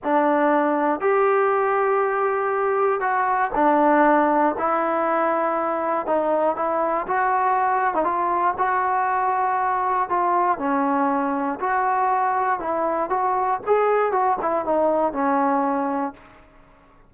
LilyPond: \new Staff \with { instrumentName = "trombone" } { \time 4/4 \tempo 4 = 119 d'2 g'2~ | g'2 fis'4 d'4~ | d'4 e'2. | dis'4 e'4 fis'4.~ fis'16 dis'16 |
f'4 fis'2. | f'4 cis'2 fis'4~ | fis'4 e'4 fis'4 gis'4 | fis'8 e'8 dis'4 cis'2 | }